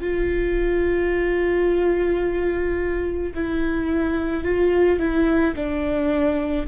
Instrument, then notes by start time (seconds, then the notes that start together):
viola
0.00 F4
3.34 E4
4.43 F4
4.99 E4
5.55 D4